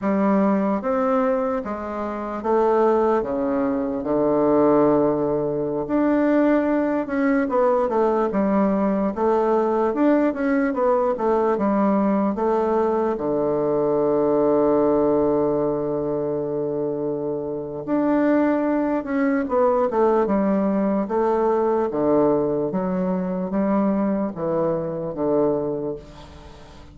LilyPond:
\new Staff \with { instrumentName = "bassoon" } { \time 4/4 \tempo 4 = 74 g4 c'4 gis4 a4 | cis4 d2~ d16 d'8.~ | d'8. cis'8 b8 a8 g4 a8.~ | a16 d'8 cis'8 b8 a8 g4 a8.~ |
a16 d2.~ d8.~ | d2 d'4. cis'8 | b8 a8 g4 a4 d4 | fis4 g4 e4 d4 | }